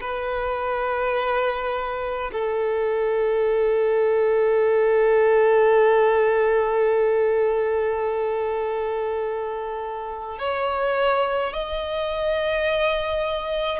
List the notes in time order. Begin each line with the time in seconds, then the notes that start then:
0.00 B4
2.32 A4
10.38 C#5
11.53 D#5